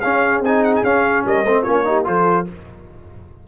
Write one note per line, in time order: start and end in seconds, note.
0.00 0.44 C#4
0.00 0.40 C#4
0.00 1.26 G#4
0.00 0.41 F5
0.40 0.80 C4
0.40 0.84 D#4
0.40 0.64 G#5
0.64 0.74 F#5
0.75 0.84 G#5
0.83 1.23 C#4
0.83 1.45 C#4
0.83 1.24 F5
1.25 1.44 G3
1.25 1.43 A#4
1.25 1.62 D#5
1.43 1.64 A3
1.43 1.65 C4
1.43 1.62 C5
1.62 2.07 A#3
1.62 1.84 C#4
1.62 1.82 F4
1.62 2.03 C#5
1.84 2.04 D#4
1.84 2.06 G4
2.04 2.47 F3
2.04 2.44 F4
2.04 2.47 A4
2.04 2.47 C5